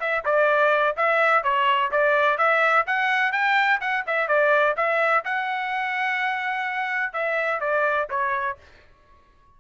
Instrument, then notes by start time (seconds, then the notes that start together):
trumpet
0.00 E5
0.25 D5
0.97 E5
1.44 C#5
1.92 D5
2.38 E5
2.87 F#5
3.32 G5
3.81 F#5
4.06 E5
4.28 D5
4.77 E5
5.24 F#5
7.13 E5
7.60 D5
8.10 C#5